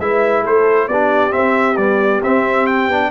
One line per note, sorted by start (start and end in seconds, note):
0.00 0.44 G#3
0.00 0.91 E4
0.00 0.43 B4
0.00 0.44 E5
0.43 0.88 A3
0.43 0.87 A4
0.43 0.89 C5
0.88 1.33 B3
0.88 1.31 D4
0.88 3.11 G4
0.88 1.33 D5
1.31 1.76 C4
1.31 1.79 C4
1.31 1.77 E5
1.77 2.23 G3
1.77 2.23 B3
1.77 2.22 D5
2.23 2.88 C4
2.23 2.91 C4
2.23 2.67 E5
2.67 3.11 G5
2.88 3.10 B3
2.88 3.11 D4